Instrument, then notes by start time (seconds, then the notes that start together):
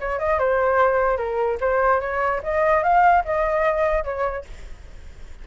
flute
0.00 C#5
0.19 D#5
0.39 C5
1.17 A#4
1.60 C5
2.01 C#5
2.43 D#5
2.83 F5
3.25 D#5
4.04 C#5